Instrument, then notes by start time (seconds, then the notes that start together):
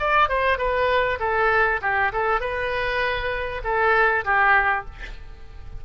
oboe
0.00 D5
0.29 C5
0.58 B4
1.20 A4
1.82 G4
2.13 A4
2.41 B4
3.64 A4
4.25 G4